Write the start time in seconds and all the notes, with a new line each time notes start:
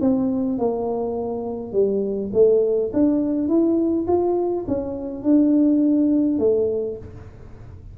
0.00 C4
0.58 A#3
1.72 G3
2.33 A3
2.93 D4
3.48 E4
4.07 F4
4.67 C#4
5.23 D4
6.39 A3